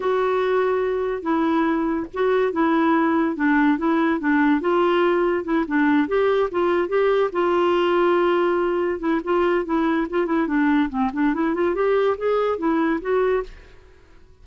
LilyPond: \new Staff \with { instrumentName = "clarinet" } { \time 4/4 \tempo 4 = 143 fis'2. e'4~ | e'4 fis'4 e'2 | d'4 e'4 d'4 f'4~ | f'4 e'8 d'4 g'4 f'8~ |
f'8 g'4 f'2~ f'8~ | f'4. e'8 f'4 e'4 | f'8 e'8 d'4 c'8 d'8 e'8 f'8 | g'4 gis'4 e'4 fis'4 | }